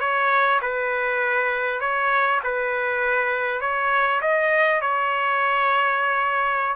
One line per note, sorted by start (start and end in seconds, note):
0.00 0.60 C#5
0.62 1.80 B4
1.80 2.40 C#5
2.43 3.61 B4
3.61 4.21 C#5
4.21 4.81 D#5
4.81 6.76 C#5